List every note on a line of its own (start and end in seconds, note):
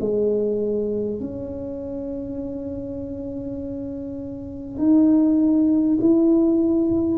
0.00 1.20 G#3
1.20 4.78 C#4
4.78 5.98 D#4
6.01 7.18 E4